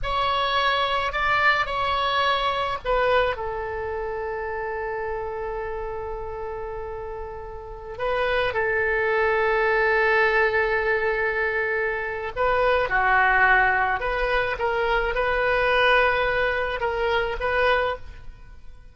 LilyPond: \new Staff \with { instrumentName = "oboe" } { \time 4/4 \tempo 4 = 107 cis''2 d''4 cis''4~ | cis''4 b'4 a'2~ | a'1~ | a'2~ a'16 b'4 a'8.~ |
a'1~ | a'2 b'4 fis'4~ | fis'4 b'4 ais'4 b'4~ | b'2 ais'4 b'4 | }